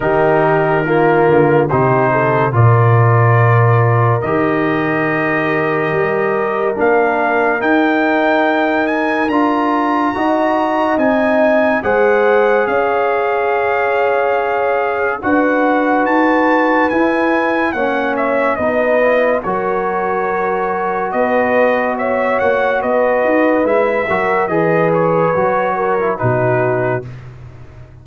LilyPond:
<<
  \new Staff \with { instrumentName = "trumpet" } { \time 4/4 \tempo 4 = 71 ais'2 c''4 d''4~ | d''4 dis''2. | f''4 g''4. gis''8 ais''4~ | ais''4 gis''4 fis''4 f''4~ |
f''2 fis''4 a''4 | gis''4 fis''8 e''8 dis''4 cis''4~ | cis''4 dis''4 e''8 fis''8 dis''4 | e''4 dis''8 cis''4. b'4 | }
  \new Staff \with { instrumentName = "horn" } { \time 4/4 g'4 f'4 g'8 a'8 ais'4~ | ais'1~ | ais'1 | dis''2 c''4 cis''4~ |
cis''2 b'2~ | b'4 cis''4 b'4 ais'4~ | ais'4 b'4 cis''4 b'4~ | b'8 ais'8 b'4. ais'8 fis'4 | }
  \new Staff \with { instrumentName = "trombone" } { \time 4/4 dis'4 ais4 dis'4 f'4~ | f'4 g'2. | d'4 dis'2 f'4 | fis'4 dis'4 gis'2~ |
gis'2 fis'2 | e'4 cis'4 dis'8 e'8 fis'4~ | fis'1 | e'8 fis'8 gis'4 fis'8. e'16 dis'4 | }
  \new Staff \with { instrumentName = "tuba" } { \time 4/4 dis4. d8 c4 ais,4~ | ais,4 dis2 g4 | ais4 dis'2 d'4 | dis'4 c'4 gis4 cis'4~ |
cis'2 d'4 dis'4 | e'4 ais4 b4 fis4~ | fis4 b4. ais8 b8 dis'8 | gis8 fis8 e4 fis4 b,4 | }
>>